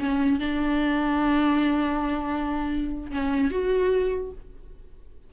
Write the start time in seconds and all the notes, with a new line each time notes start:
0.00 C#4
0.40 D4
3.11 C#4
3.51 F#4